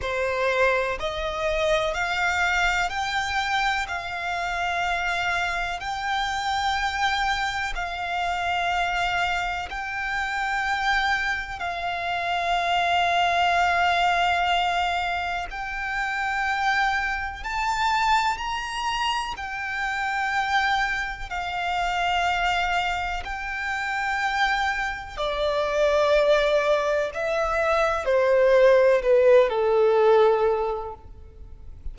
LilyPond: \new Staff \with { instrumentName = "violin" } { \time 4/4 \tempo 4 = 62 c''4 dis''4 f''4 g''4 | f''2 g''2 | f''2 g''2 | f''1 |
g''2 a''4 ais''4 | g''2 f''2 | g''2 d''2 | e''4 c''4 b'8 a'4. | }